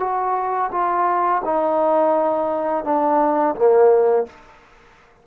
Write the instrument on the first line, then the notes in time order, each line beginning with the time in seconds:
trombone
0.00 F#4
0.72 F4
1.45 D#4
2.85 D4
3.56 A#3